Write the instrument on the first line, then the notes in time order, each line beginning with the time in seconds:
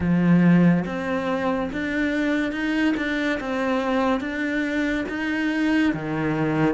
cello
0.00 F3
0.85 C4
1.72 D4
2.52 D#4
2.97 D4
3.40 C4
4.20 D4
5.09 D#4
5.93 D#3